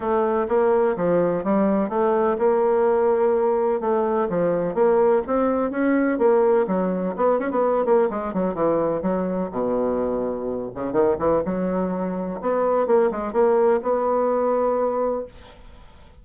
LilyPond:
\new Staff \with { instrumentName = "bassoon" } { \time 4/4 \tempo 4 = 126 a4 ais4 f4 g4 | a4 ais2. | a4 f4 ais4 c'4 | cis'4 ais4 fis4 b8 cis'16 b16~ |
b8 ais8 gis8 fis8 e4 fis4 | b,2~ b,8 cis8 dis8 e8 | fis2 b4 ais8 gis8 | ais4 b2. | }